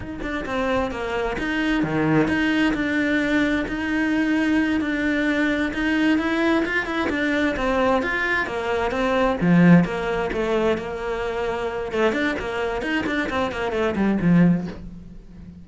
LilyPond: \new Staff \with { instrumentName = "cello" } { \time 4/4 \tempo 4 = 131 dis'8 d'8 c'4 ais4 dis'4 | dis4 dis'4 d'2 | dis'2~ dis'8 d'4.~ | d'8 dis'4 e'4 f'8 e'8 d'8~ |
d'8 c'4 f'4 ais4 c'8~ | c'8 f4 ais4 a4 ais8~ | ais2 a8 d'8 ais4 | dis'8 d'8 c'8 ais8 a8 g8 f4 | }